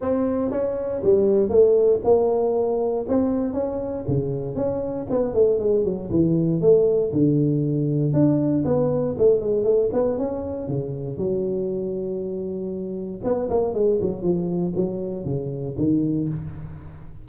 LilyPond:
\new Staff \with { instrumentName = "tuba" } { \time 4/4 \tempo 4 = 118 c'4 cis'4 g4 a4 | ais2 c'4 cis'4 | cis4 cis'4 b8 a8 gis8 fis8 | e4 a4 d2 |
d'4 b4 a8 gis8 a8 b8 | cis'4 cis4 fis2~ | fis2 b8 ais8 gis8 fis8 | f4 fis4 cis4 dis4 | }